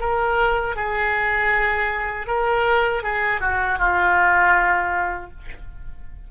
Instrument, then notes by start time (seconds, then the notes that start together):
oboe
0.00 A#4
0.76 G#4
2.28 A#4
3.03 G#4
3.41 F#4
3.79 F4